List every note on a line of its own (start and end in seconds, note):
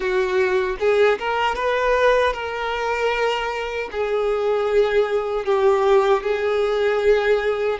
0.00 0.76 F#4
0.79 1.18 G#4
1.18 1.55 A#4
1.55 2.33 B4
2.33 3.89 A#4
3.91 5.45 G#4
5.45 6.22 G4
6.22 7.78 G#4